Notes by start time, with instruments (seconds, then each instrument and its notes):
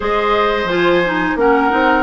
0.00 bassoon G#3, clarinet G#4, oboe C5, flute D#5
0.64 bassoon F3, clarinet F4, flute G#5
1.05 clarinet D#4
1.35 bassoon A#3, clarinet C#4, oboe A#4, flute F#5
1.70 bassoon C4, clarinet D#4